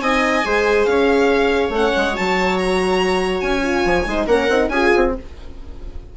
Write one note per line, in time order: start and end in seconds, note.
0.00 0.43 C4
0.00 0.45 D#4
0.00 0.45 D#5
0.00 0.85 G#5
0.45 0.86 G#3
0.45 1.71 G#4
0.45 0.88 C5
0.85 1.69 C#4
0.85 4.09 C#5
0.85 1.70 F5
1.69 1.91 A3
1.69 2.12 C#4
1.69 2.16 F#5
1.96 2.17 G#3
2.12 3.41 F#3
2.12 3.61 F#4
2.12 2.58 A5
2.58 3.40 A#5
3.40 3.84 C#4
3.40 4.25 G#5
3.62 4.05 F4
3.85 4.06 F3
4.06 4.26 G#3
4.06 4.28 D#4
4.06 4.27 C5
4.26 4.48 A#3
4.26 4.49 C#4
4.26 4.69 A#4
4.26 4.69 F#5
4.49 4.68 C4
4.49 4.71 D#4
4.68 4.89 C#4
4.68 5.14 F4
4.68 5.14 G#4
4.68 5.11 G#5
4.96 5.17 C4